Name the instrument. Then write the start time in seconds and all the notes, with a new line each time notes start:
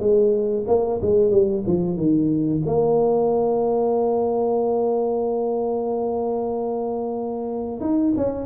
tuba
0.00 G#3
0.68 A#3
1.02 G#3
1.31 G3
1.67 F3
1.97 D#3
2.66 A#3
7.81 D#4
8.17 C#4